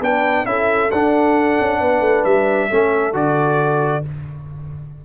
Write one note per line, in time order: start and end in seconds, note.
0.00 0.45 B3
0.00 0.45 D4
0.00 0.48 B4
0.00 0.45 G5
0.45 0.90 C#4
0.45 0.90 E4
0.45 1.80 A4
0.45 0.90 E5
0.91 1.59 D4
0.91 2.70 D4
0.91 2.24 F#5
1.60 1.80 C#4
1.80 2.00 B3
1.80 2.69 B4
2.00 2.23 A3
2.24 2.69 G3
2.24 3.13 E5
2.70 3.13 A3
2.70 3.13 C#4
2.70 4.04 A4
3.13 4.03 D3
3.13 4.02 F#4
3.13 4.05 D5